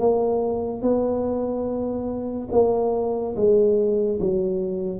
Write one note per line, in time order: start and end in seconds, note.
0.00 0.82 A#3
0.82 2.49 B3
2.52 3.36 A#3
3.36 4.20 G#3
4.20 5.00 F#3